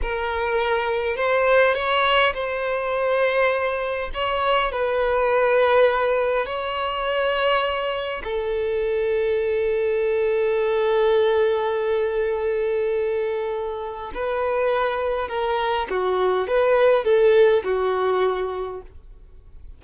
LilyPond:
\new Staff \with { instrumentName = "violin" } { \time 4/4 \tempo 4 = 102 ais'2 c''4 cis''4 | c''2. cis''4 | b'2. cis''4~ | cis''2 a'2~ |
a'1~ | a'1 | b'2 ais'4 fis'4 | b'4 a'4 fis'2 | }